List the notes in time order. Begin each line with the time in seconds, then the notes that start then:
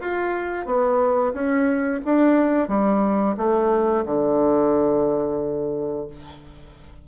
0.00 F4
0.65 B3
1.33 C#4
2.05 D4
2.68 G3
3.37 A3
4.05 D3